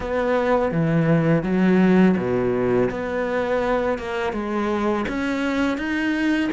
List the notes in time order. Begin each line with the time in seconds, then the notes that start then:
0.00 B3
0.71 E3
1.43 F#3
2.17 B2
2.90 B3
3.98 A#3
4.32 G#3
5.08 C#4
5.77 D#4